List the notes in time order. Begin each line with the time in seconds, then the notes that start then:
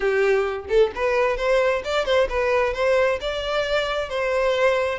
0.00 G4
0.69 A4
0.95 B4
1.37 C5
1.84 D5
2.05 C5
2.29 B4
2.73 C5
3.20 D5
4.09 C5